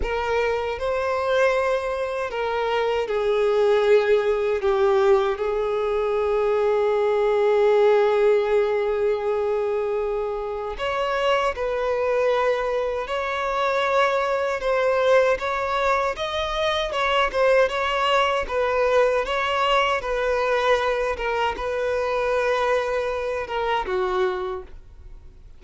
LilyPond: \new Staff \with { instrumentName = "violin" } { \time 4/4 \tempo 4 = 78 ais'4 c''2 ais'4 | gis'2 g'4 gis'4~ | gis'1~ | gis'2 cis''4 b'4~ |
b'4 cis''2 c''4 | cis''4 dis''4 cis''8 c''8 cis''4 | b'4 cis''4 b'4. ais'8 | b'2~ b'8 ais'8 fis'4 | }